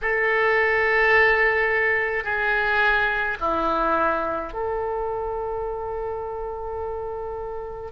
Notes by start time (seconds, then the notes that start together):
0.01 A4
2.24 G#4
3.40 E4
4.53 A4